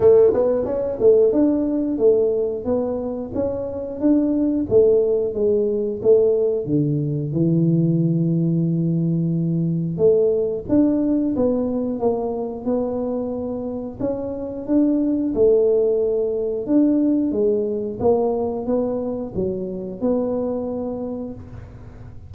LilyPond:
\new Staff \with { instrumentName = "tuba" } { \time 4/4 \tempo 4 = 90 a8 b8 cis'8 a8 d'4 a4 | b4 cis'4 d'4 a4 | gis4 a4 d4 e4~ | e2. a4 |
d'4 b4 ais4 b4~ | b4 cis'4 d'4 a4~ | a4 d'4 gis4 ais4 | b4 fis4 b2 | }